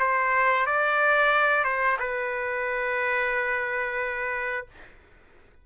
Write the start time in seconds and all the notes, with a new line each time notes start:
0.00 C5
0.67 D5
1.65 C5
2.00 B4